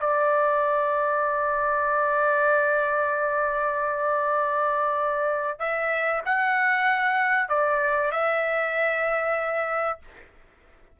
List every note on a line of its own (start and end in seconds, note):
0.00 5.59 D5
5.59 6.22 E5
6.25 7.49 F#5
7.49 8.11 D5
8.12 9.99 E5